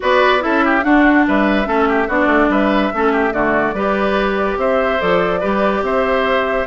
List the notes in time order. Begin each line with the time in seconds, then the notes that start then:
0.00 B3 F#4 B4 D5
0.40 C#4 E4 A4 E5
0.64 G4
0.82 D4 F#4 F#5
1.27 G3 B4 E5
1.65 A3 C#4 A4
1.88 G4
2.07 B3 D4 F#4 D5
2.26 A3
2.49 G3 B4 E5
2.93 A3 C#4 A4
3.12 G4
3.31 D3 A3 F#4 D5
3.73 G3 G4 B4
4.57 C4 C5 E5
4.99 F3 A4 D5
5.40 G3 G4 B4
5.82 C4 C5 E5